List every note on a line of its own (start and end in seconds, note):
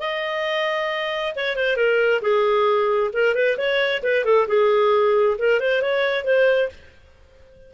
0.00 1.34 D#5
1.36 1.57 C#5
1.57 1.77 C5
1.77 2.22 A#4
2.22 3.11 G#4
3.13 3.35 A#4
3.35 3.58 B4
3.58 4.03 C#5
4.03 4.25 B4
4.25 4.48 A4
4.48 5.38 G#4
5.39 5.61 A#4
5.61 5.82 C5
5.82 6.25 C#5
6.25 6.70 C5